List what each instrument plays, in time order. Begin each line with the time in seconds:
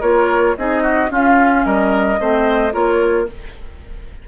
0.00 bassoon A#3, clarinet F4, oboe A#4, flute C#5
0.57 bassoon C4, clarinet D#4, oboe G#4, flute D#5
0.82 oboe F#4
1.08 clarinet C#4, bassoon C#4, oboe F4, flute F5
1.65 bassoon G3, oboe A#4, flute D#5
2.19 bassoon A3, clarinet C4, oboe C5
2.72 bassoon A#3, clarinet F4, oboe A#4, flute C#5